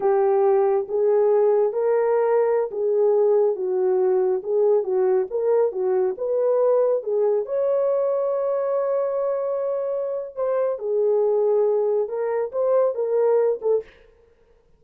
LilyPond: \new Staff \with { instrumentName = "horn" } { \time 4/4 \tempo 4 = 139 g'2 gis'2 | ais'2~ ais'16 gis'4.~ gis'16~ | gis'16 fis'2 gis'4 fis'8.~ | fis'16 ais'4 fis'4 b'4.~ b'16~ |
b'16 gis'4 cis''2~ cis''8.~ | cis''1 | c''4 gis'2. | ais'4 c''4 ais'4. a'8 | }